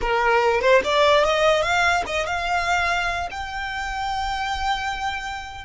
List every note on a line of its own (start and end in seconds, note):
0.01 0.61 A#4
0.61 0.81 C5
0.83 1.24 D5
1.24 1.62 D#5
1.62 2.03 F5
2.06 2.26 D#5
2.26 3.29 F5
3.30 5.64 G5